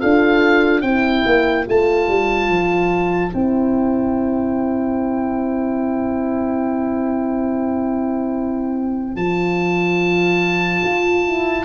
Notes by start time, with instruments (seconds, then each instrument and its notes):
0.00 tuba D4, horn F4 A4, oboe F5
0.81 tuba C4, horn E4 C5, oboe G5
1.26 tuba A#3
1.65 tuba A3, horn F4, oboe A5
2.08 tuba G3
2.49 tuba F3
3.34 tuba C4, horn E4, oboe G5
9.16 tuba F3, horn F4, oboe A5
10.84 tuba F4
11.26 horn E4